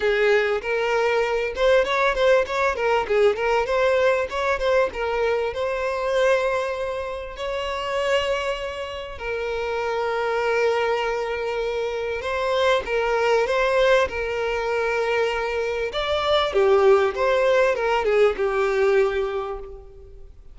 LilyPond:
\new Staff \with { instrumentName = "violin" } { \time 4/4 \tempo 4 = 98 gis'4 ais'4. c''8 cis''8 c''8 | cis''8 ais'8 gis'8 ais'8 c''4 cis''8 c''8 | ais'4 c''2. | cis''2. ais'4~ |
ais'1 | c''4 ais'4 c''4 ais'4~ | ais'2 d''4 g'4 | c''4 ais'8 gis'8 g'2 | }